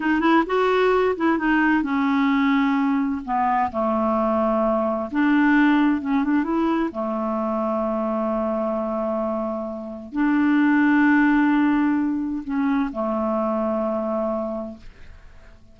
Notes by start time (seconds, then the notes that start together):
0.00 D#4
0.20 E4
0.46 F#4
1.16 E4
1.37 D#4
1.83 C#4
3.24 B3
3.71 A3
5.11 D4
6.01 C#4
6.24 D4
6.43 E4
6.91 A3
10.12 D4
12.44 C#4
12.92 A3